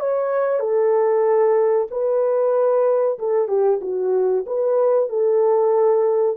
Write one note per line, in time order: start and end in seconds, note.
0.00 0.59 C#5
0.59 1.87 A4
1.91 3.19 B4
3.19 3.48 A4
3.48 3.80 G4
3.81 4.45 F#4
4.47 5.09 B4
5.09 6.37 A4